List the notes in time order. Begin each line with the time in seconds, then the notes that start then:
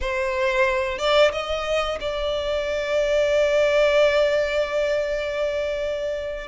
0.01 C5
0.98 D5
1.32 D#5
2.00 D5